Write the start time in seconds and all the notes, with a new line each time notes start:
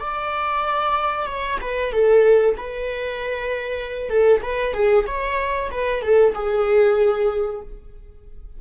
0.00 D5
1.26 C#5
1.61 B4
1.93 A4
2.57 B4
4.10 A4
4.42 B4
4.74 G#4
5.07 C#5
5.71 B4
6.02 A4
6.35 G#4